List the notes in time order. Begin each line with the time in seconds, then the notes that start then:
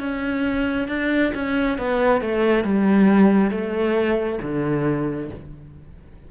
0.00 C#4
0.89 D4
1.35 C#4
1.78 B3
2.21 A3
2.64 G3
3.51 A3
4.42 D3